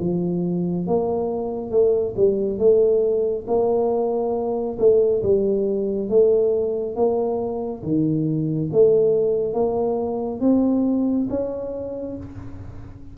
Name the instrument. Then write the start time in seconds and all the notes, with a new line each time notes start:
tuba
0.00 F3
0.87 A#3
1.71 A3
2.17 G3
2.59 A3
3.47 A#3
4.79 A3
5.23 G3
6.09 A3
6.96 A#3
7.83 D#3
8.73 A3
9.54 A#3
10.41 C4
11.30 C#4